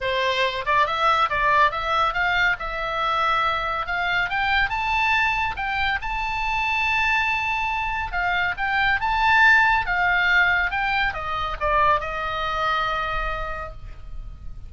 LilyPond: \new Staff \with { instrumentName = "oboe" } { \time 4/4 \tempo 4 = 140 c''4. d''8 e''4 d''4 | e''4 f''4 e''2~ | e''4 f''4 g''4 a''4~ | a''4 g''4 a''2~ |
a''2. f''4 | g''4 a''2 f''4~ | f''4 g''4 dis''4 d''4 | dis''1 | }